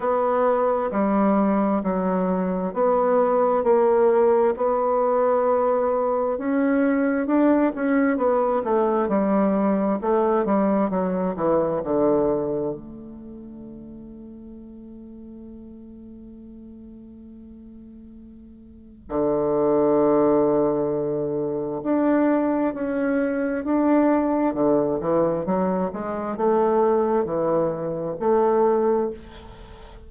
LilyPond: \new Staff \with { instrumentName = "bassoon" } { \time 4/4 \tempo 4 = 66 b4 g4 fis4 b4 | ais4 b2 cis'4 | d'8 cis'8 b8 a8 g4 a8 g8 | fis8 e8 d4 a2~ |
a1~ | a4 d2. | d'4 cis'4 d'4 d8 e8 | fis8 gis8 a4 e4 a4 | }